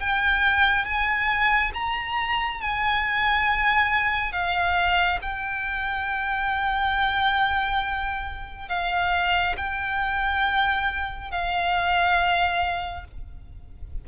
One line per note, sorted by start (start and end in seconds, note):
0.00 0.85 G5
0.85 1.72 G#5
1.74 2.61 A#5
2.61 4.32 G#5
4.32 5.19 F5
5.22 8.69 G5
8.69 9.56 F5
9.57 11.31 G5
11.31 13.05 F5